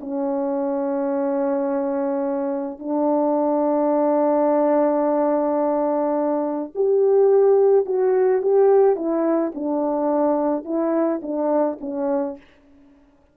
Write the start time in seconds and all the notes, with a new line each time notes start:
0.00 C#4
2.79 D4
6.75 G4
7.86 F#4
8.42 G4
8.96 E4
9.55 D4
10.64 E4
11.22 D4
11.81 C#4